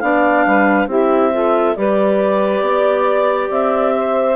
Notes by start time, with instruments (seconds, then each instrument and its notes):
0.00 bassoon B3, clarinet D4 F5, saxophone D5
0.46 bassoon G3, saxophone B4
0.87 bassoon C4, clarinet E4 E5, saxophone G4
1.32 clarinet F4, saxophone A4
1.76 bassoon G3, clarinet G4 D5, saxophone B4
2.61 bassoon B3, saxophone D5
3.51 bassoon C4, clarinet E5
3.96 saxophone C5